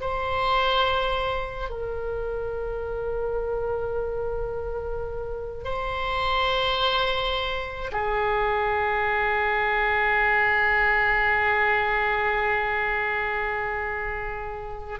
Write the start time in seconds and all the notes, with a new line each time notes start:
0.00 C5
1.70 A#4
5.64 C5
7.92 G#4